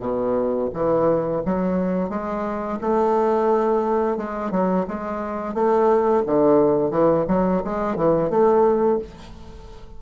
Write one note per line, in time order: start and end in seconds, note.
0.00 0.69 B2
0.73 1.42 E3
1.45 2.09 F#3
2.09 2.78 G#3
2.81 4.17 A3
4.17 4.51 G#3
4.51 4.86 F#3
4.88 5.54 G#3
5.54 6.23 A3
6.26 6.91 D3
6.91 7.25 E3
7.28 7.62 F#3
7.64 7.96 G#3
7.96 8.29 E3
8.29 8.98 A3